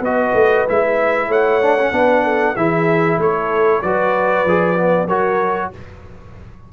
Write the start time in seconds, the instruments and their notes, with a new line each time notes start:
0.00 tuba B3, trombone F#4, horn B4, trumpet D#5
0.33 tuba A3
0.68 tuba G#3, trombone E4, trumpet E5
1.28 tuba A3, horn C#5, trumpet F#5
1.62 trombone D4
1.79 trombone C#4
1.91 tuba B3, trombone D4, horn B4
2.23 horn A4
2.56 tuba E3, trombone E4, horn G#4, trumpet E5
3.17 tuba A3, horn A4, trumpet C#5
3.81 tuba F#3, trombone F#4, horn B4, trumpet D5
4.44 tuba F3, trombone G#4
4.76 trombone B3
5.06 tuba F#3, trombone F#4, horn A#4, trumpet C#5